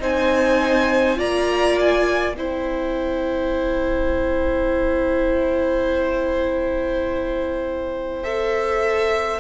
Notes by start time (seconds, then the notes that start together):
0.00 C4 D#4 C5 G#5
1.17 A#3 F4 D5 A#5
1.80 G#5
2.35 C4 E4 C5 G5
8.24 A4 E5